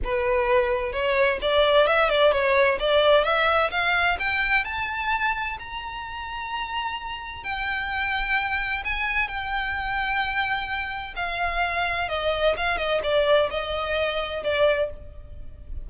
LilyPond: \new Staff \with { instrumentName = "violin" } { \time 4/4 \tempo 4 = 129 b'2 cis''4 d''4 | e''8 d''8 cis''4 d''4 e''4 | f''4 g''4 a''2 | ais''1 |
g''2. gis''4 | g''1 | f''2 dis''4 f''8 dis''8 | d''4 dis''2 d''4 | }